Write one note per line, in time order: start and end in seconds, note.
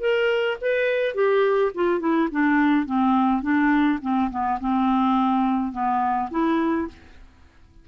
0.00 0.57 A#4
0.61 1.15 B4
1.15 1.72 G4
1.75 2.00 F4
2.00 2.29 E4
2.32 2.86 D4
2.86 3.42 C4
3.42 3.99 D4
4.02 4.31 C4
4.31 4.59 B3
4.61 5.72 C4
5.72 6.30 B3
6.31 6.88 E4